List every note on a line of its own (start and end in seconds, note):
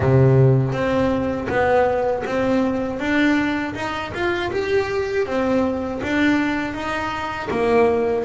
0.00 0.72 C3
0.72 1.47 C4
1.48 2.23 B3
2.26 2.99 C4
2.99 3.74 D4
3.74 4.12 D#4
4.14 4.51 F4
4.51 5.26 G4
5.26 6.01 C4
6.02 6.73 D4
6.73 7.48 D#4
7.50 8.24 A#3